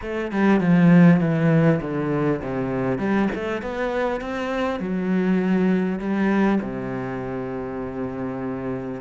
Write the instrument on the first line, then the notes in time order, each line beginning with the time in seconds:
cello
0.01 A3
0.31 G3
0.60 F3
1.20 E3
1.81 D3
2.42 C3
2.98 G3
3.34 A3
3.62 B3
4.21 C4
4.79 F#3
5.99 G3
6.61 C3